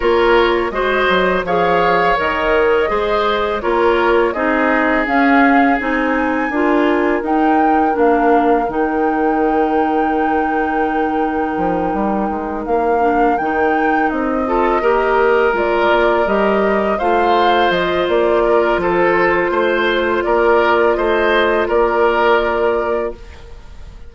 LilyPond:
<<
  \new Staff \with { instrumentName = "flute" } { \time 4/4 \tempo 4 = 83 cis''4 dis''4 f''4 dis''4~ | dis''4 cis''4 dis''4 f''4 | gis''2 g''4 f''4 | g''1~ |
g''4. f''4 g''4 dis''8~ | dis''4. d''4 dis''4 f''8~ | f''8 dis''8 d''4 c''2 | d''4 dis''4 d''2 | }
  \new Staff \with { instrumentName = "oboe" } { \time 4/4 ais'4 c''4 cis''2 | c''4 ais'4 gis'2~ | gis'4 ais'2.~ | ais'1~ |
ais'1 | a'8 ais'2. c''8~ | c''4. ais'8 a'4 c''4 | ais'4 c''4 ais'2 | }
  \new Staff \with { instrumentName = "clarinet" } { \time 4/4 f'4 fis'4 gis'4 ais'4 | gis'4 f'4 dis'4 cis'4 | dis'4 f'4 dis'4 d'4 | dis'1~ |
dis'2 d'8 dis'4. | f'8 g'4 f'4 g'4 f'8~ | f'1~ | f'1 | }
  \new Staff \with { instrumentName = "bassoon" } { \time 4/4 ais4 gis8 fis8 f4 dis4 | gis4 ais4 c'4 cis'4 | c'4 d'4 dis'4 ais4 | dis1 |
f8 g8 gis8 ais4 dis4 c'8~ | c'8 ais4 gis8 ais8 g4 a8~ | a8 f8 ais4 f4 a4 | ais4 a4 ais2 | }
>>